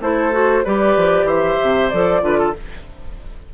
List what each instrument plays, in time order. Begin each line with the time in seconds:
0.00 bassoon A3, clarinet E4, oboe A4, flute C5
0.32 clarinet F#4
0.64 bassoon G3, clarinet G4, oboe B4, flute D5
0.96 bassoon F3
1.23 bassoon E3, oboe C5, flute E5
1.62 bassoon C3
1.89 bassoon F3, clarinet A4, flute D5
2.21 bassoon D3, clarinet F4, oboe B4
2.38 oboe A4